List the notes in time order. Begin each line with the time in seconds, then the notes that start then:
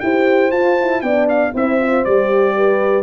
0.00 E4 G4 C5 G5
0.51 F4 A5
0.81 E4
1.01 B3 D4 D5 G5
1.28 F5
1.53 C4 E4 C5 E5
1.79 F4
2.04 G3 G4 D5
2.56 B4